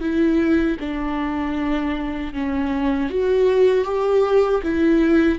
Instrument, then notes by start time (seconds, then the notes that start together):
viola
0.00 E4
0.80 D4
2.33 C#4
3.10 F#4
3.85 G4
4.63 E4